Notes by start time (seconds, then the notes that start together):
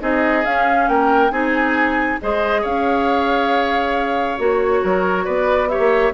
0.00 C4 D#4 G#4 D#5
0.45 C#4 F5
0.89 A#3 A#4 G5
1.31 C4 D#4 G#4 G#5
2.22 G#3 G#4 C5 D#5
2.62 C#4 C#5 F5
4.39 A#3 F#4 C#5
4.83 F#3 A#4
5.25 B3 B4 D5
5.69 G4 C#5 E5
5.79 A#3